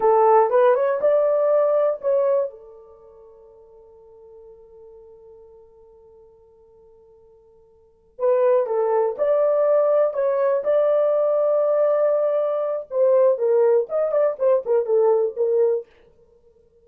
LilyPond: \new Staff \with { instrumentName = "horn" } { \time 4/4 \tempo 4 = 121 a'4 b'8 cis''8 d''2 | cis''4 a'2.~ | a'1~ | a'1~ |
a'8 b'4 a'4 d''4.~ | d''8 cis''4 d''2~ d''8~ | d''2 c''4 ais'4 | dis''8 d''8 c''8 ais'8 a'4 ais'4 | }